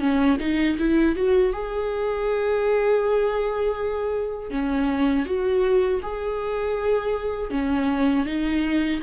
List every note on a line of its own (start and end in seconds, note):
0.00 0.38 C#4
0.40 0.77 D#4
0.79 1.16 E4
1.16 1.53 F#4
1.53 4.51 G#4
4.51 5.26 C#4
5.26 6.01 F#4
6.03 7.51 G#4
7.51 8.26 C#4
8.26 9.01 D#4